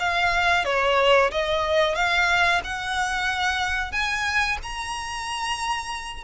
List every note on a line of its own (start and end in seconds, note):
0.00 0.65 F5
0.65 1.31 C#5
1.32 1.95 D#5
1.95 2.61 F5
2.64 3.92 F#5
3.92 4.58 G#5
4.63 6.24 A#5